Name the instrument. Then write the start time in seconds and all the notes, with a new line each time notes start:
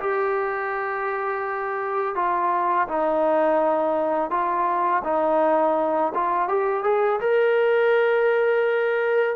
trombone
0.00 G4
2.16 F4
2.88 D#4
4.31 F4
5.05 D#4
6.15 F4
6.49 G4
6.84 G#4
7.21 A#4